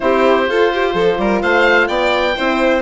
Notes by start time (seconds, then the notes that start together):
0.00 C4 E4 G4 C5
0.45 F4 A4
0.73 G4
0.94 F3 A4
1.18 G3 A#4
1.41 A3 C5 F5
1.87 B3 D5 G5
2.36 C4 E4 C5